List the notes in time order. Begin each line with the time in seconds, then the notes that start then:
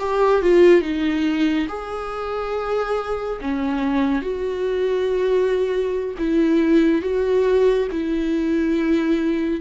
0.00 G4
0.42 F4
0.82 D#4
1.69 G#4
3.42 C#4
4.22 F#4
6.19 E4
7.02 F#4
7.92 E4